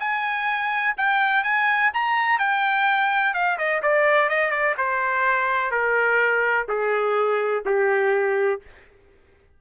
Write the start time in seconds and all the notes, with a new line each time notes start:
0.00 G#5
0.97 G5
1.44 G#5
1.94 A#5
2.39 G5
3.34 F5
3.58 D#5
3.83 D5
4.30 D#5
4.51 D5
4.78 C5
5.71 A#4
6.69 G#4
7.66 G4